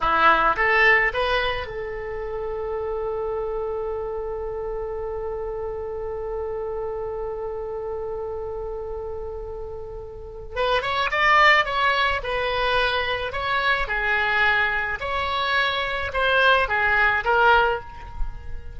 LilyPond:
\new Staff \with { instrumentName = "oboe" } { \time 4/4 \tempo 4 = 108 e'4 a'4 b'4 a'4~ | a'1~ | a'1~ | a'1~ |
a'2. b'8 cis''8 | d''4 cis''4 b'2 | cis''4 gis'2 cis''4~ | cis''4 c''4 gis'4 ais'4 | }